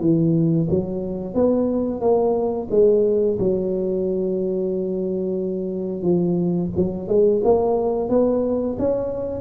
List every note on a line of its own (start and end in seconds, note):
0.00 0.67 E3
0.70 1.34 F#3
1.34 2.00 B3
2.00 2.68 A#3
2.70 3.37 G#3
3.39 6.02 F#3
6.02 6.69 F3
6.76 7.08 F#3
7.08 7.41 G#3
7.44 8.09 A#3
8.09 8.76 B3
8.79 9.40 C#4